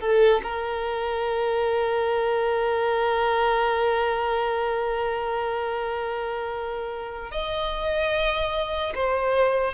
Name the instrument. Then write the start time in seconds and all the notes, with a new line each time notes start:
violin
0.00 A4
0.43 A#4
7.31 D#5
8.94 C5